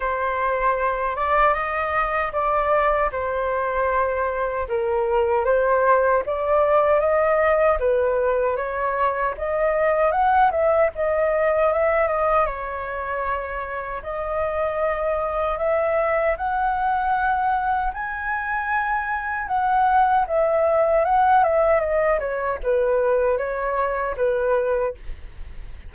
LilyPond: \new Staff \with { instrumentName = "flute" } { \time 4/4 \tempo 4 = 77 c''4. d''8 dis''4 d''4 | c''2 ais'4 c''4 | d''4 dis''4 b'4 cis''4 | dis''4 fis''8 e''8 dis''4 e''8 dis''8 |
cis''2 dis''2 | e''4 fis''2 gis''4~ | gis''4 fis''4 e''4 fis''8 e''8 | dis''8 cis''8 b'4 cis''4 b'4 | }